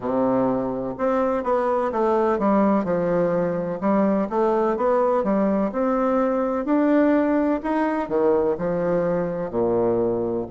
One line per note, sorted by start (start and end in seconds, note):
0.00 0.94 C3
0.97 1.43 C4
1.43 1.91 B3
1.92 2.39 A3
2.39 2.84 G3
2.84 3.79 F3
3.80 4.28 G3
4.29 4.77 A3
4.77 5.23 B3
5.23 5.71 G3
5.71 6.65 C4
6.65 7.60 D4
7.62 8.08 D#4
8.08 8.56 D#3
8.58 9.50 F3
9.50 10.45 A#2